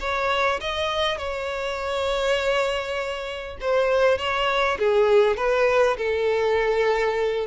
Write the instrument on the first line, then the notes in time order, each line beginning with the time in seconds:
violin
0.00 C#5
0.61 D#5
1.18 C#5
3.61 C5
4.18 C#5
4.79 G#4
5.37 B4
5.97 A4